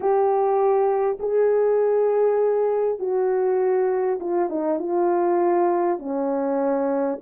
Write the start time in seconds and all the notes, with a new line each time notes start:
0.00 G4
1.19 G#4
2.99 F#4
4.19 F4
4.49 D#4
4.79 F4
5.98 C#4